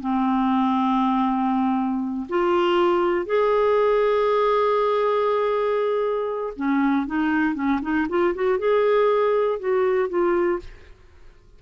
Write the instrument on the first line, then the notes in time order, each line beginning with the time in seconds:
clarinet
0.00 C4
2.29 F4
3.26 G#4
6.56 C#4
7.07 D#4
7.54 C#4
7.82 D#4
8.09 F4
8.35 F#4
8.59 G#4
9.59 F#4
10.09 F4